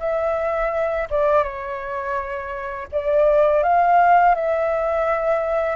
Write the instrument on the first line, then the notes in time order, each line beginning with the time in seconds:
flute
0.00 E5
1.10 D5
1.44 C#5
2.92 D5
3.63 F5
4.35 E5